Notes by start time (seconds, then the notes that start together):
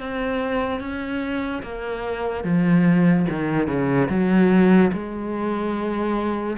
0.00 C4
0.80 C#4
1.63 A#3
2.44 F3
3.29 D#3
3.67 C#3
4.09 F#3
4.92 G#3